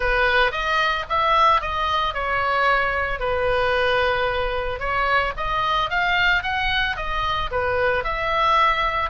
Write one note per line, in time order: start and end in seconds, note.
0.00 0.51 B4
0.51 1.05 D#5
1.09 1.61 E5
1.61 2.14 D#5
2.14 3.19 C#5
3.19 4.79 B4
4.79 5.33 C#5
5.36 5.90 D#5
5.90 6.42 F5
6.42 6.96 F#5
6.96 7.50 D#5
7.51 8.04 B4
8.04 9.09 E5